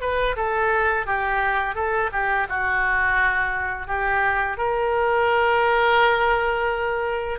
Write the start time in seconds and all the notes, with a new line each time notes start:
0.00 B4
0.36 A4
1.06 G4
1.75 A4
2.12 G4
2.49 F#4
3.87 G4
4.57 A#4